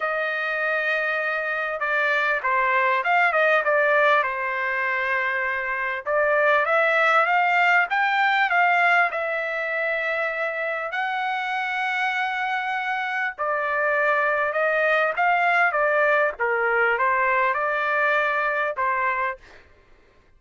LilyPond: \new Staff \with { instrumentName = "trumpet" } { \time 4/4 \tempo 4 = 99 dis''2. d''4 | c''4 f''8 dis''8 d''4 c''4~ | c''2 d''4 e''4 | f''4 g''4 f''4 e''4~ |
e''2 fis''2~ | fis''2 d''2 | dis''4 f''4 d''4 ais'4 | c''4 d''2 c''4 | }